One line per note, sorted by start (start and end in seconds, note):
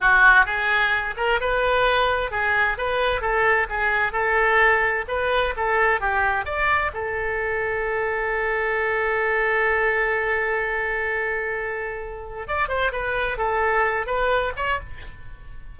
0.00 0.45 F#4
0.45 1.15 G#4
1.16 1.40 A#4
1.40 2.31 B4
2.31 2.77 G#4
2.77 3.21 B4
3.21 3.67 A4
3.69 4.12 G#4
4.12 5.04 A4
5.08 5.54 B4
5.56 6.00 A4
6.00 6.45 G4
6.45 6.91 D5
6.93 12.47 A4
12.47 12.68 D5
12.68 12.91 C5
12.92 13.37 B4
13.37 14.06 A4
14.06 14.52 B4
14.56 14.79 C#5